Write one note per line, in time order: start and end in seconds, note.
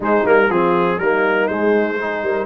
0.00 0.24 G#3
0.00 0.49 D#4
0.00 0.26 C5
0.24 0.49 G3
0.24 0.49 A#3
0.24 0.50 A#4
0.49 0.99 F3
0.49 1.00 C4
0.49 0.99 F4
0.49 0.99 G#4
0.99 1.48 G3
0.99 1.50 A#3
0.99 1.98 D#4
0.99 1.47 A#4
1.47 2.22 G#3
1.47 1.99 G#3
1.47 2.46 C5
1.98 2.46 D#4
1.98 2.23 G#4
2.22 2.46 G3
2.22 2.46 A#4